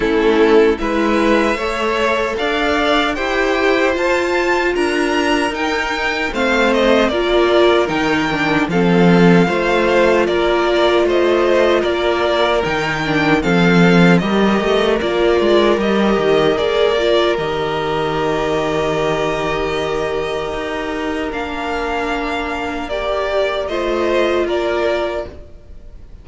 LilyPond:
<<
  \new Staff \with { instrumentName = "violin" } { \time 4/4 \tempo 4 = 76 a'4 e''2 f''4 | g''4 a''4 ais''4 g''4 | f''8 dis''8 d''4 g''4 f''4~ | f''4 d''4 dis''4 d''4 |
g''4 f''4 dis''4 d''4 | dis''4 d''4 dis''2~ | dis''2. f''4~ | f''4 d''4 dis''4 d''4 | }
  \new Staff \with { instrumentName = "violin" } { \time 4/4 e'4 b'4 cis''4 d''4 | c''2 ais'2 | c''4 ais'2 a'4 | c''4 ais'4 c''4 ais'4~ |
ais'4 a'4 ais'2~ | ais'1~ | ais'1~ | ais'2 c''4 ais'4 | }
  \new Staff \with { instrumentName = "viola" } { \time 4/4 cis'4 e'4 a'2 | g'4 f'2 dis'4 | c'4 f'4 dis'8 d'8 c'4 | f'1 |
dis'8 d'8 c'4 g'4 f'4 | g'4 gis'8 f'8 g'2~ | g'2. d'4~ | d'4 g'4 f'2 | }
  \new Staff \with { instrumentName = "cello" } { \time 4/4 a4 gis4 a4 d'4 | e'4 f'4 d'4 dis'4 | a4 ais4 dis4 f4 | a4 ais4 a4 ais4 |
dis4 f4 g8 a8 ais8 gis8 | g8 dis8 ais4 dis2~ | dis2 dis'4 ais4~ | ais2 a4 ais4 | }
>>